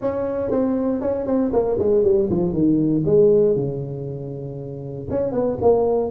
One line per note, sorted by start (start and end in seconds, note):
0.01 0.50 C#4
0.50 1.01 C4
1.01 1.26 C#4
1.26 1.51 C4
1.53 1.78 A#3
1.78 2.03 G#3
2.03 2.29 G3
2.30 2.52 F3
2.52 3.03 D#3
3.05 3.55 G#3
3.55 5.08 C#3
5.10 5.32 C#4
5.32 5.57 B3
5.61 6.11 A#3